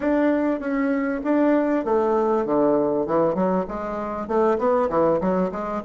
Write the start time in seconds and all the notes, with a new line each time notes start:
0.00 D4
0.60 C#4
1.24 D4
1.85 A3
2.45 D3
3.06 E3
3.35 F#3
3.67 G#3
4.27 A3
4.58 B3
4.89 E3
5.20 F#3
5.51 G#3